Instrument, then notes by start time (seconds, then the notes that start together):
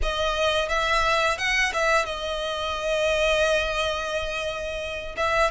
violin
0.02 D#5
0.69 E5
1.38 F#5
1.73 E5
2.05 D#5
5.16 E5